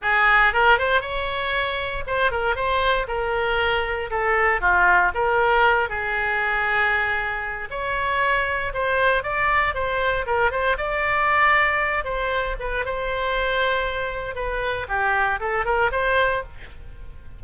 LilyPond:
\new Staff \with { instrumentName = "oboe" } { \time 4/4 \tempo 4 = 117 gis'4 ais'8 c''8 cis''2 | c''8 ais'8 c''4 ais'2 | a'4 f'4 ais'4. gis'8~ | gis'2. cis''4~ |
cis''4 c''4 d''4 c''4 | ais'8 c''8 d''2~ d''8 c''8~ | c''8 b'8 c''2. | b'4 g'4 a'8 ais'8 c''4 | }